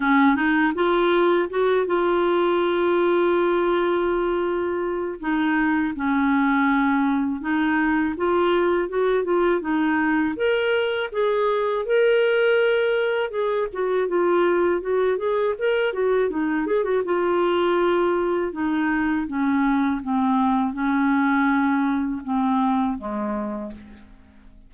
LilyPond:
\new Staff \with { instrumentName = "clarinet" } { \time 4/4 \tempo 4 = 81 cis'8 dis'8 f'4 fis'8 f'4.~ | f'2. dis'4 | cis'2 dis'4 f'4 | fis'8 f'8 dis'4 ais'4 gis'4 |
ais'2 gis'8 fis'8 f'4 | fis'8 gis'8 ais'8 fis'8 dis'8 gis'16 fis'16 f'4~ | f'4 dis'4 cis'4 c'4 | cis'2 c'4 gis4 | }